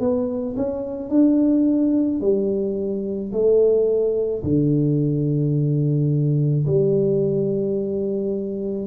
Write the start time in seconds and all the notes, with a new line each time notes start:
0.00 B3
0.57 C#4
1.10 D4
2.21 G3
3.32 A3
4.43 D3
6.66 G3